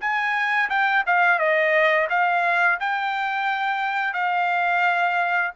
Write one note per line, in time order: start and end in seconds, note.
0.00 0.69 G#5
0.69 1.04 G5
1.06 1.39 F5
1.39 2.08 D#5
2.09 2.78 F5
2.80 4.13 G5
4.13 5.51 F5